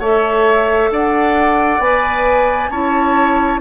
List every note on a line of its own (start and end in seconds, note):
0.00 0.90 A3
0.00 1.81 A4
0.00 0.90 C#5
0.00 0.92 E5
0.91 1.79 D4
0.91 2.71 D5
0.91 1.81 F#5
1.79 2.69 B3
1.79 2.71 B4
1.79 2.71 G#5
2.70 3.59 C#4
2.70 3.61 E4
2.70 3.60 C#5
2.70 3.60 A5